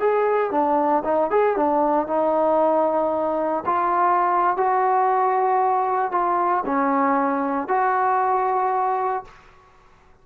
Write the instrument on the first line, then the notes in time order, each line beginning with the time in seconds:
trombone
0.00 G#4
0.51 D4
1.05 D#4
1.31 G#4
1.57 D4
2.08 D#4
3.66 F4
4.57 F#4
6.12 F4
6.66 C#4
7.68 F#4